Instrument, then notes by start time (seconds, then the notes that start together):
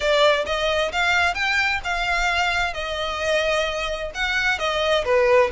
violin
0.00 D5
0.45 D#5
0.92 F5
1.34 G5
1.84 F5
2.73 D#5
4.14 F#5
4.58 D#5
5.04 B4